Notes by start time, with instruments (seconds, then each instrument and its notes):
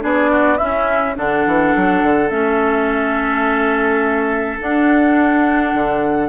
0.00 bassoon B3, clarinet D4, oboe G#4, flute D5
0.30 oboe F#4
0.57 clarinet C#4, bassoon C#4, oboe E4, flute E5
1.15 bassoon D3, clarinet D4, oboe A4, flute F#5
1.46 bassoon E3
1.75 bassoon F#3
2.03 bassoon D3
2.29 bassoon A3, clarinet C#4, flute E5
4.59 clarinet D4, bassoon D4, flute F#5
5.74 bassoon D3